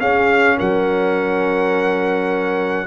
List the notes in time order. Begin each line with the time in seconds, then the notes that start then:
0.00 C#4 G#4 F5
0.57 F#3 A#4 F#5